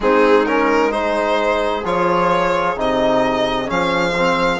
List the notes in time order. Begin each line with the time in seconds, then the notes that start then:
0.00 G#3 C4 D#4 G#4
0.46 C#4 A#4
0.91 D#4 G#4 C5
1.84 F3 F4 C#5
2.76 C3 D#4 D#5
3.66 F3 C#4 F5
4.17 C4